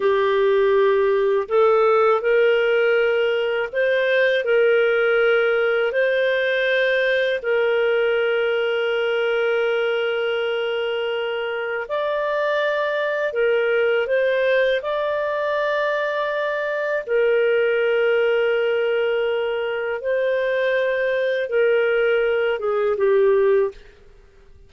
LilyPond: \new Staff \with { instrumentName = "clarinet" } { \time 4/4 \tempo 4 = 81 g'2 a'4 ais'4~ | ais'4 c''4 ais'2 | c''2 ais'2~ | ais'1 |
d''2 ais'4 c''4 | d''2. ais'4~ | ais'2. c''4~ | c''4 ais'4. gis'8 g'4 | }